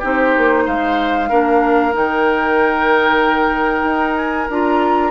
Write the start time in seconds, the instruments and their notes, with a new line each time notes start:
0.00 bassoon C4, clarinet D#4, oboe G4
0.06 flute C5
0.38 bassoon A#3
0.66 bassoon G#3, oboe C5, flute F5
1.30 bassoon A#3, clarinet D4, oboe A#4
1.93 bassoon D#3, clarinet D#4, flute G5
3.84 bassoon D#4
4.16 flute G#5
4.50 bassoon D4, clarinet F4, flute A#5